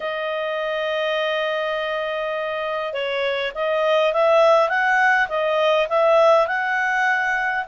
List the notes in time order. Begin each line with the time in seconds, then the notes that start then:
0.00 D#5
2.93 C#5
3.55 D#5
4.13 E5
4.69 F#5
5.29 D#5
5.89 E5
6.47 F#5